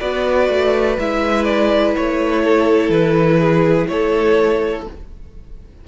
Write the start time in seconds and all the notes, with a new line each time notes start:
0.00 B3 F#4 B4 D5
0.50 A3
0.99 G#3 E4 E5
1.44 D5
1.96 A3 C#5
2.44 A4
2.90 E3 B4
3.41 G#4
3.88 A3 A4 C#5